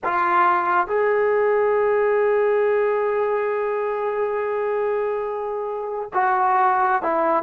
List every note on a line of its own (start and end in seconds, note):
0.04 0.87 F4
0.87 6.09 G#4
6.13 7.02 F#4
7.02 7.43 E4